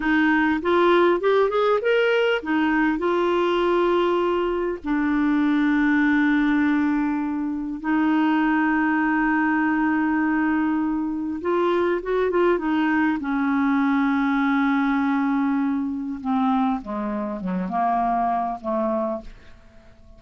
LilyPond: \new Staff \with { instrumentName = "clarinet" } { \time 4/4 \tempo 4 = 100 dis'4 f'4 g'8 gis'8 ais'4 | dis'4 f'2. | d'1~ | d'4 dis'2.~ |
dis'2. f'4 | fis'8 f'8 dis'4 cis'2~ | cis'2. c'4 | gis4 fis8 ais4. a4 | }